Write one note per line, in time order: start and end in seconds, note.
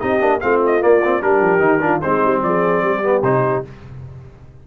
0.00 0.22 C4
0.00 0.20 D#4
0.00 0.42 G4
0.00 0.40 D#5
0.20 0.42 A#3
0.20 0.40 D4
0.41 0.84 A3
0.41 0.81 C4
0.41 1.25 F4
0.41 0.61 F5
0.66 0.83 D#5
0.81 1.02 A#3
0.81 1.21 A#3
0.81 1.23 D5
1.04 1.22 C4
1.21 1.41 G3
1.21 1.60 D4
1.21 1.83 G4
1.21 2.01 A#4
1.41 1.60 F3
1.60 2.00 D#3
1.60 1.80 D#4
1.81 2.01 D4
1.81 2.02 F4
2.01 2.25 G#3
2.01 3.03 C4
2.01 2.42 D#4
2.01 2.42 C5
2.25 2.43 G3
2.43 2.83 F3
2.43 2.86 G#4
2.43 3.23 D5
2.83 3.23 G3
2.83 3.67 G4
3.03 3.23 B3
3.23 3.63 C3
3.23 3.65 D#4
3.23 3.64 C5